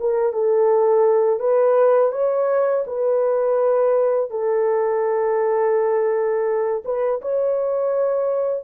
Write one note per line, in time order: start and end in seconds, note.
0.00 0.33 A#4
0.33 1.40 A4
1.40 2.12 B4
2.12 2.84 C#5
2.87 4.30 B4
4.30 6.83 A4
6.85 7.21 B4
7.22 8.64 C#5